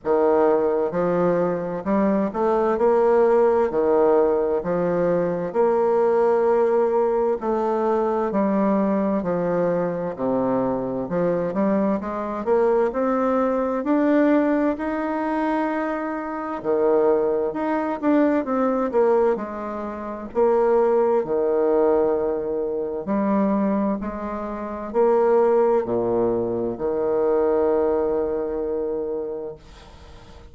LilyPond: \new Staff \with { instrumentName = "bassoon" } { \time 4/4 \tempo 4 = 65 dis4 f4 g8 a8 ais4 | dis4 f4 ais2 | a4 g4 f4 c4 | f8 g8 gis8 ais8 c'4 d'4 |
dis'2 dis4 dis'8 d'8 | c'8 ais8 gis4 ais4 dis4~ | dis4 g4 gis4 ais4 | ais,4 dis2. | }